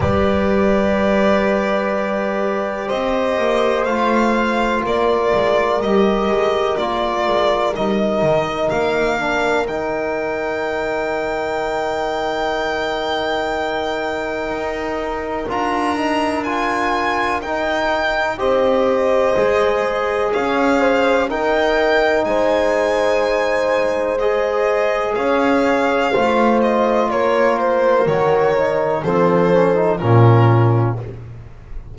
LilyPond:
<<
  \new Staff \with { instrumentName = "violin" } { \time 4/4 \tempo 4 = 62 d''2. dis''4 | f''4 d''4 dis''4 d''4 | dis''4 f''4 g''2~ | g''1 |
ais''4 gis''4 g''4 dis''4~ | dis''4 f''4 g''4 gis''4~ | gis''4 dis''4 f''4. dis''8 | cis''8 c''8 cis''4 c''4 ais'4 | }
  \new Staff \with { instrumentName = "horn" } { \time 4/4 b'2. c''4~ | c''4 ais'2.~ | ais'1~ | ais'1~ |
ais'2. c''4~ | c''4 cis''8 c''8 ais'4 c''4~ | c''2 cis''4 c''4 | ais'2 a'4 f'4 | }
  \new Staff \with { instrumentName = "trombone" } { \time 4/4 g'1 | f'2 g'4 f'4 | dis'4. d'8 dis'2~ | dis'1 |
f'8 dis'8 f'4 dis'4 g'4 | gis'2 dis'2~ | dis'4 gis'2 f'4~ | f'4 fis'8 dis'8 c'8 cis'16 dis'16 cis'4 | }
  \new Staff \with { instrumentName = "double bass" } { \time 4/4 g2. c'8 ais8 | a4 ais8 gis8 g8 gis8 ais8 gis8 | g8 dis8 ais4 dis2~ | dis2. dis'4 |
d'2 dis'4 c'4 | gis4 cis'4 dis'4 gis4~ | gis2 cis'4 a4 | ais4 dis4 f4 ais,4 | }
>>